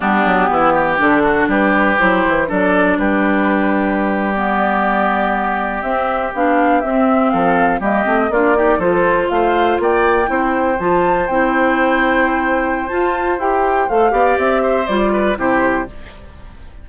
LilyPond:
<<
  \new Staff \with { instrumentName = "flute" } { \time 4/4 \tempo 4 = 121 g'2 a'4 b'4 | c''4 d''4 b'2~ | b'8. d''2. e''16~ | e''8. f''4 e''4 f''4 dis''16~ |
dis''8. d''4 c''4 f''4 g''16~ | g''4.~ g''16 a''4 g''4~ g''16~ | g''2 a''4 g''4 | f''4 e''4 d''4 c''4 | }
  \new Staff \with { instrumentName = "oboe" } { \time 4/4 d'4 e'8 g'4 fis'8 g'4~ | g'4 a'4 g'2~ | g'1~ | g'2~ g'8. a'4 g'16~ |
g'8. f'8 g'8 a'4 c''4 d''16~ | d''8. c''2.~ c''16~ | c''1~ | c''8 d''4 c''4 b'8 g'4 | }
  \new Staff \with { instrumentName = "clarinet" } { \time 4/4 b2 d'2 | e'4 d'2.~ | d'8. b2. c'16~ | c'8. d'4 c'2 ais16~ |
ais16 c'8 d'8 dis'8 f'2~ f'16~ | f'8. e'4 f'4 e'4~ e'16~ | e'2 f'4 g'4 | a'8 g'4. f'4 e'4 | }
  \new Staff \with { instrumentName = "bassoon" } { \time 4/4 g8 fis8 e4 d4 g4 | fis8 e8 fis4 g2~ | g2.~ g8. c'16~ | c'8. b4 c'4 f4 g16~ |
g16 a8 ais4 f4 a4 ais16~ | ais8. c'4 f4 c'4~ c'16~ | c'2 f'4 e'4 | a8 b8 c'4 g4 c4 | }
>>